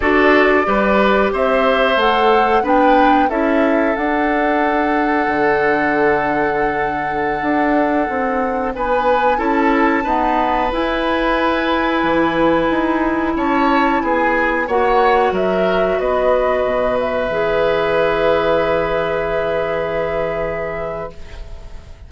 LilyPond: <<
  \new Staff \with { instrumentName = "flute" } { \time 4/4 \tempo 4 = 91 d''2 e''4 fis''4 | g''4 e''4 fis''2~ | fis''1~ | fis''4~ fis''16 gis''4 a''4.~ a''16~ |
a''16 gis''2.~ gis''8.~ | gis''16 a''4 gis''4 fis''4 e''8.~ | e''16 dis''4. e''2~ e''16~ | e''1 | }
  \new Staff \with { instrumentName = "oboe" } { \time 4/4 a'4 b'4 c''2 | b'4 a'2.~ | a'1~ | a'4~ a'16 b'4 a'4 b'8.~ |
b'1~ | b'16 cis''4 gis'4 cis''4 ais'8.~ | ais'16 b'2.~ b'8.~ | b'1 | }
  \new Staff \with { instrumentName = "clarinet" } { \time 4/4 fis'4 g'2 a'4 | d'4 e'4 d'2~ | d'1~ | d'2~ d'16 e'4 b8.~ |
b16 e'2.~ e'8.~ | e'2~ e'16 fis'4.~ fis'16~ | fis'2~ fis'16 gis'4.~ gis'16~ | gis'1 | }
  \new Staff \with { instrumentName = "bassoon" } { \time 4/4 d'4 g4 c'4 a4 | b4 cis'4 d'2 | d2.~ d16 d'8.~ | d'16 c'4 b4 cis'4 dis'8.~ |
dis'16 e'2 e4 dis'8.~ | dis'16 cis'4 b4 ais4 fis8.~ | fis16 b4 b,4 e4.~ e16~ | e1 | }
>>